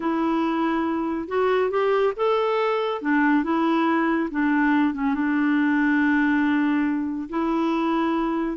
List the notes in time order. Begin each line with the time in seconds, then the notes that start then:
0.00 E4
1.28 F#4
1.70 G4
2.16 A4
3.01 D4
3.43 E4
4.31 D4
4.94 C#4
5.14 D4
7.29 E4